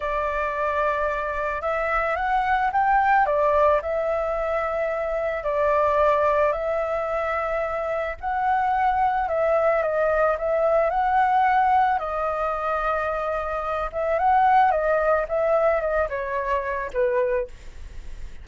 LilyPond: \new Staff \with { instrumentName = "flute" } { \time 4/4 \tempo 4 = 110 d''2. e''4 | fis''4 g''4 d''4 e''4~ | e''2 d''2 | e''2. fis''4~ |
fis''4 e''4 dis''4 e''4 | fis''2 dis''2~ | dis''4. e''8 fis''4 dis''4 | e''4 dis''8 cis''4. b'4 | }